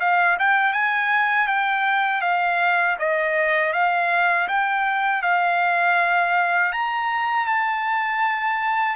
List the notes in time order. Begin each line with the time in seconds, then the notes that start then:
0.00 F5
0.39 G5
0.73 G#5
1.48 G5
2.22 F5
2.99 D#5
3.73 F5
4.48 G5
5.23 F5
6.72 A#5
7.47 A5